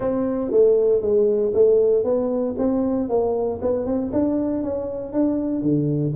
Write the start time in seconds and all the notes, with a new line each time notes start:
0.00 C4
0.51 A3
1.01 G#3
1.54 A3
2.03 B3
2.58 C4
3.09 A#3
3.61 B3
3.85 C4
4.12 D4
4.63 C#4
5.12 D4
5.62 D3